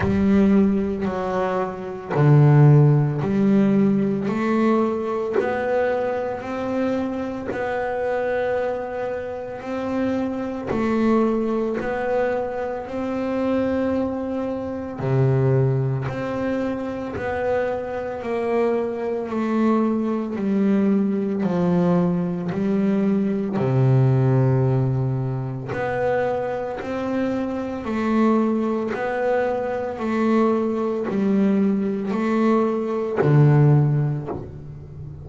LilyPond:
\new Staff \with { instrumentName = "double bass" } { \time 4/4 \tempo 4 = 56 g4 fis4 d4 g4 | a4 b4 c'4 b4~ | b4 c'4 a4 b4 | c'2 c4 c'4 |
b4 ais4 a4 g4 | f4 g4 c2 | b4 c'4 a4 b4 | a4 g4 a4 d4 | }